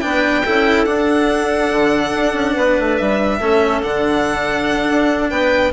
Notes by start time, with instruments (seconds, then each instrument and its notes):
0.00 bassoon B3, cello D4, clarinet B4, violin G5
0.44 bassoon C#4, cello E4, clarinet A4
0.84 bassoon D4, cello D4, violin F#5
1.71 bassoon D3
2.12 bassoon D4
2.33 bassoon C#4
2.52 bassoon B3, clarinet B4
2.79 bassoon A3
2.97 bassoon G3, violin E5
3.39 bassoon A3, cello C#4, clarinet A4
3.82 bassoon D3, cello D4, violin F#5
4.87 bassoon D4
5.30 bassoon B3, clarinet B4, violin G5